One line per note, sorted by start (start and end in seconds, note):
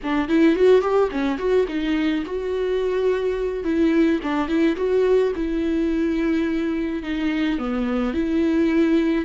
0.03 0.28 D4
0.28 0.55 E4
0.55 0.81 F#4
0.81 1.09 G4
1.11 1.37 C#4
1.37 1.65 F#4
1.67 2.24 D#4
2.25 3.63 F#4
3.63 4.20 E4
4.23 4.47 D4
4.47 4.75 E4
4.76 5.32 F#4
5.35 7.02 E4
7.02 7.58 D#4
7.58 8.13 B3
8.13 9.25 E4